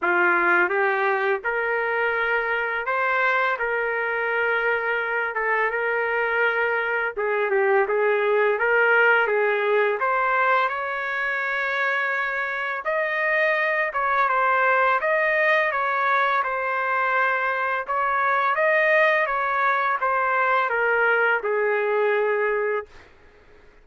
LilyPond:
\new Staff \with { instrumentName = "trumpet" } { \time 4/4 \tempo 4 = 84 f'4 g'4 ais'2 | c''4 ais'2~ ais'8 a'8 | ais'2 gis'8 g'8 gis'4 | ais'4 gis'4 c''4 cis''4~ |
cis''2 dis''4. cis''8 | c''4 dis''4 cis''4 c''4~ | c''4 cis''4 dis''4 cis''4 | c''4 ais'4 gis'2 | }